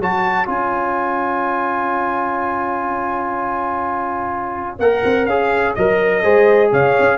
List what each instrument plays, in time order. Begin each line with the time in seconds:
0.00 tuba F#3, trombone F#4, horn C#5, trumpet A5
0.46 tuba C#4, trombone F4, trumpet G#5
4.80 tuba A#3, trombone A#4, trumpet F#5
5.05 tuba C4
5.26 tuba C#4, trombone G#4, trumpet F5
5.75 tuba F#3, trombone A#4, trumpet D#5
6.23 tuba G#3, trombone G#4, horn C5
6.72 tuba C#3, horn C#5, trumpet F5
7.00 tuba C#4